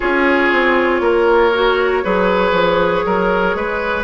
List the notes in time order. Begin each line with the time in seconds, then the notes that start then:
0.00 C#4 F4 G#4 C#5
0.52 C4
1.00 A#3 A#4
1.53 F#4
2.02 F#3 G#4 B4
2.51 F3
3.05 F#3 A#4
3.54 G#3 B4